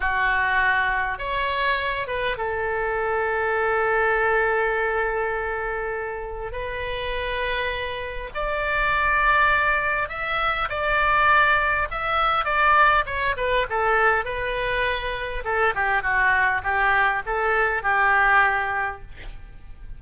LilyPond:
\new Staff \with { instrumentName = "oboe" } { \time 4/4 \tempo 4 = 101 fis'2 cis''4. b'8 | a'1~ | a'2. b'4~ | b'2 d''2~ |
d''4 e''4 d''2 | e''4 d''4 cis''8 b'8 a'4 | b'2 a'8 g'8 fis'4 | g'4 a'4 g'2 | }